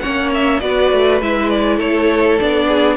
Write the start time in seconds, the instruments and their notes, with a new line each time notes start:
0.00 viola C#4, violin C#5 F#5
0.06 cello A#3
0.34 violin E5
0.60 cello B3, viola F#4, violin B4 D5
0.92 cello A3
1.21 cello G#3, viola E4, violin E5
1.50 violin D5
1.77 cello A3, violin A4 C#5
2.39 cello B3, viola D4, violin D5
2.68 violin G#4